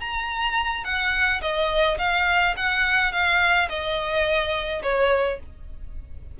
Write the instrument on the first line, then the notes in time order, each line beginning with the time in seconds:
violin
0.00 A#5
0.84 F#5
1.41 D#5
1.98 F5
2.57 F#5
3.12 F5
3.69 D#5
4.82 C#5